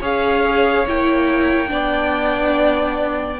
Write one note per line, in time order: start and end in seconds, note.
0.00 0.86 C#4
0.00 0.87 G#4
0.00 1.69 C#5
0.00 0.88 F5
0.87 1.71 A#3
0.87 1.68 E4
0.87 3.40 G5
1.68 3.40 B3
1.68 3.37 D4
1.68 3.40 D5